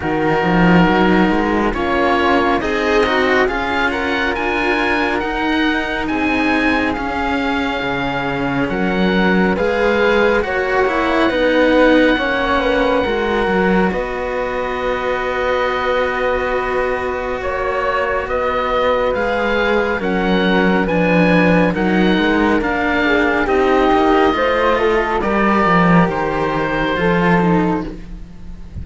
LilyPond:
<<
  \new Staff \with { instrumentName = "oboe" } { \time 4/4 \tempo 4 = 69 ais'2 cis''4 dis''4 | f''8 fis''8 gis''4 fis''4 gis''4 | f''2 fis''4 f''4 | fis''1 |
dis''1 | cis''4 dis''4 f''4 fis''4 | gis''4 fis''4 f''4 dis''4~ | dis''4 d''4 c''2 | }
  \new Staff \with { instrumentName = "flute" } { \time 4/4 fis'2 f'4 dis'4 | gis'8 ais'2~ ais'8 gis'4~ | gis'2 ais'4 b'4 | cis''4 b'4 cis''8 b'8 ais'4 |
b'1 | cis''4 b'2 ais'4 | b'4 ais'4. gis'8 g'4 | c''8 a'8 ais'2 a'4 | }
  \new Staff \with { instrumentName = "cello" } { \time 4/4 dis'2 cis'4 gis'8 fis'8 | f'2 dis'2 | cis'2. gis'4 | fis'8 e'8 dis'4 cis'4 fis'4~ |
fis'1~ | fis'2 gis'4 cis'4 | d'4 dis'4 d'4 dis'4 | f'4 g'2 f'8 dis'8 | }
  \new Staff \with { instrumentName = "cello" } { \time 4/4 dis8 f8 fis8 gis8 ais4 c'4 | cis'4 d'4 dis'4 c'4 | cis'4 cis4 fis4 gis4 | ais4 b4 ais4 gis8 fis8 |
b1 | ais4 b4 gis4 fis4 | f4 fis8 gis8 ais4 c'8 ais8 | a4 g8 f8 dis4 f4 | }
>>